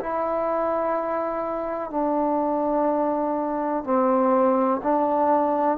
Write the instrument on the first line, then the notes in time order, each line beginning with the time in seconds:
trombone
0.00 E4
1.90 D4
3.84 C4
4.83 D4